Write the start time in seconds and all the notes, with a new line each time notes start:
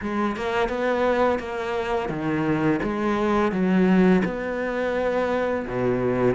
0.01 G#3
0.36 A#3
0.68 B3
1.39 A#3
2.09 D#3
2.82 G#3
3.51 F#3
4.24 B3
5.67 B2